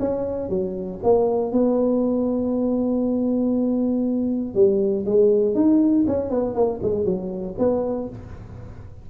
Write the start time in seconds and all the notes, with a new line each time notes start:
0.00 C#4
0.49 F#3
1.03 A#3
1.52 B3
4.55 G3
5.06 G#3
5.55 D#4
6.07 C#4
6.30 B3
6.55 A#3
6.83 G#3
7.05 F#3
7.59 B3